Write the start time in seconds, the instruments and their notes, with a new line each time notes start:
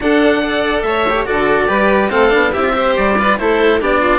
0.00 bassoon D4, cello D4, violin A4, oboe F#5
0.42 cello A4, violin D5
0.82 bassoon A3, violin C#5, oboe E5
1.10 cello G4
1.26 bassoon D3, cello F#4, violin A4, oboe D5
1.68 bassoon G3, cello G4, violin B4
2.10 bassoon A3, cello C4, violin A4, oboe F5
2.29 bassoon B3, cello D4
2.51 bassoon C4, cello E4, violin G4, oboe E5
2.63 cello F4
2.73 cello G4, violin C5
2.96 bassoon G3, oboe D5
3.18 cello F4, violin B4
3.38 bassoon A3, cello E4, violin A4, oboe C5
3.80 bassoon B3, cello D4, violin G4, oboe D5
4.00 violin F4